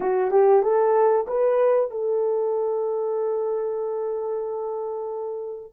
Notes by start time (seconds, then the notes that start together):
0.00 F#4
0.30 G4
0.62 A4
1.27 B4
1.91 A4